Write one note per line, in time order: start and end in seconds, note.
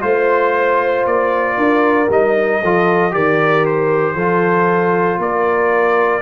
0.00 1.06 A3
0.00 2.07 F4
0.00 1.05 C5
0.00 1.57 C5
1.06 1.57 A#3
1.06 2.10 D5
1.57 2.09 D4
1.57 2.60 A#4
2.09 2.61 G3
2.09 2.62 D#4
2.09 3.13 D#5
2.61 3.14 F3
2.61 3.10 F4
2.61 3.12 A4
3.10 4.15 D#3
3.10 4.14 G4
3.10 4.15 A#4
3.10 3.65 D5
3.65 5.20 C5
4.15 5.18 F3
4.15 6.21 F4
4.15 5.18 A4
5.18 6.21 A#3
5.18 6.21 A#4
5.18 6.21 D5